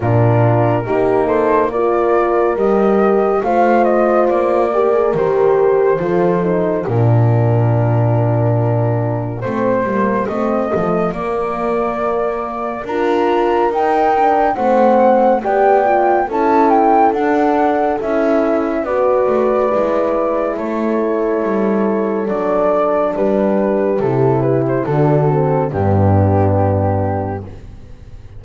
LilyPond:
<<
  \new Staff \with { instrumentName = "flute" } { \time 4/4 \tempo 4 = 70 ais'4. c''8 d''4 dis''4 | f''8 dis''8 d''4 c''2 | ais'2. c''4 | dis''4 d''2 ais''4 |
g''4 fis''4 g''4 a''8 g''8 | fis''4 e''4 d''2 | cis''2 d''4 b'4 | a'8 b'16 c''16 a'4 g'2 | }
  \new Staff \with { instrumentName = "horn" } { \time 4/4 f'4 g'8 a'8 ais'2 | c''4. ais'4. a'4 | f'1~ | f'2. ais'4~ |
ais'4 c''4 d''4 a'4~ | a'2 b'2 | a'2. g'4~ | g'4 fis'4 d'2 | }
  \new Staff \with { instrumentName = "horn" } { \time 4/4 d'4 dis'4 f'4 g'4 | f'4. g'16 gis'16 g'4 f'8 dis'8 | d'2. c'8 ais8 | c'8 a8 ais2 f'4 |
dis'8 d'8 c'4 g'8 f'8 e'4 | d'4 e'4 fis'4 e'4~ | e'2 d'2 | e'4 d'8 c'8 b2 | }
  \new Staff \with { instrumentName = "double bass" } { \time 4/4 ais,4 ais2 g4 | a4 ais4 dis4 f4 | ais,2. a8 g8 | a8 f8 ais2 d'4 |
dis'4 a4 b4 cis'4 | d'4 cis'4 b8 a8 gis4 | a4 g4 fis4 g4 | c4 d4 g,2 | }
>>